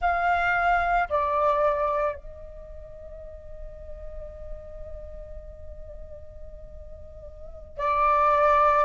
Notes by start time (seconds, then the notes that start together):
0.00 F5
1.09 D5
2.16 D#5
7.77 D5